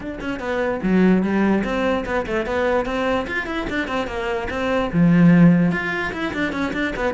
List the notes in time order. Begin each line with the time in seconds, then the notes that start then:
0.00 D4
0.20 C#4
0.39 B3
0.82 F#3
1.22 G3
1.63 C4
2.05 B3
2.26 A3
2.46 B3
2.85 C4
3.27 F4
3.46 E4
3.69 D4
3.87 C4
4.07 A#3
4.50 C4
4.92 F3
5.71 F4
6.12 E4
6.33 D4
6.52 C#4
6.73 D4
6.95 B3